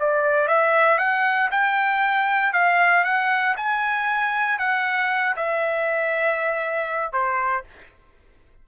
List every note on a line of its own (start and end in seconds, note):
0.00 0.48 D5
0.48 0.99 E5
0.99 1.50 F#5
1.51 2.54 G5
2.54 3.04 F5
3.04 3.56 F#5
3.57 4.59 G#5
4.59 5.36 F#5
5.37 7.13 E5
7.13 7.64 C5